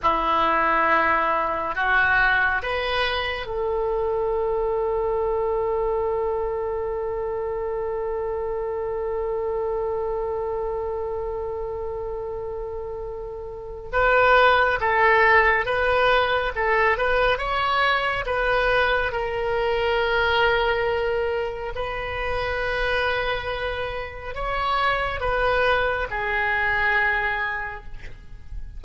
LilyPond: \new Staff \with { instrumentName = "oboe" } { \time 4/4 \tempo 4 = 69 e'2 fis'4 b'4 | a'1~ | a'1~ | a'1 |
b'4 a'4 b'4 a'8 b'8 | cis''4 b'4 ais'2~ | ais'4 b'2. | cis''4 b'4 gis'2 | }